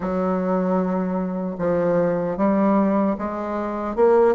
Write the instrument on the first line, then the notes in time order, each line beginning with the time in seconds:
bassoon
0.00 F#3
1.58 F3
2.37 G3
3.18 G#3
3.95 A#3